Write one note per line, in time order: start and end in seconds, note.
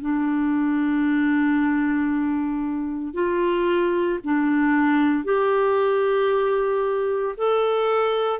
0.00 3.13 D4
3.13 4.19 F4
4.23 5.24 D4
5.24 7.34 G4
7.36 8.40 A4